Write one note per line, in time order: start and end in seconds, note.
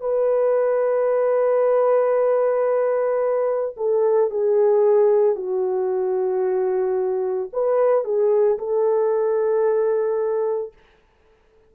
0.00 3.75 B4
3.76 4.30 A4
4.30 5.35 G#4
5.35 7.50 F#4
7.53 8.05 B4
8.05 8.58 G#4
8.59 10.73 A4